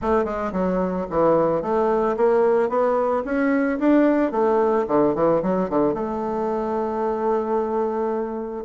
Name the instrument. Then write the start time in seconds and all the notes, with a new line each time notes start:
bassoon
0.01 A3
0.24 G#3
0.52 F#3
1.10 E3
1.62 A3
2.16 A#3
2.69 B3
3.24 C#4
3.79 D4
4.31 A3
4.87 D3
5.14 E3
5.42 F#3
5.69 D3
5.94 A3